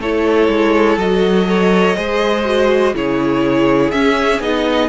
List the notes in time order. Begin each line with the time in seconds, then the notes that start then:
0.00 A3 E4 A4 C#5
0.48 G#3
0.97 F#3 F#4 D#5
1.47 A4 C#5
1.95 G#3 G#4 C5
2.45 F#4
2.94 C#3 E4 G#4 C#5
3.91 C#4 E5
4.40 B3 D#4 D#5